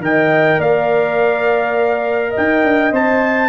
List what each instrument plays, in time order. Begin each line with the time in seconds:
0.00 tuba D#3, trombone A#4, horn D#5, trumpet G5
0.58 tuba A#3, horn D5, trumpet F5
2.31 horn D#5, trumpet G5
2.37 tuba D#4
2.64 tuba D4
2.92 tuba C4, trombone C5, trumpet A5